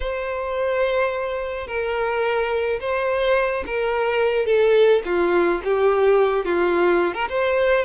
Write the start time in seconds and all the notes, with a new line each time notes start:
0.00 C5
1.67 A#4
2.80 C5
3.66 A#4
4.46 A4
5.05 F4
5.64 G4
6.45 F4
7.14 A#4
7.29 C5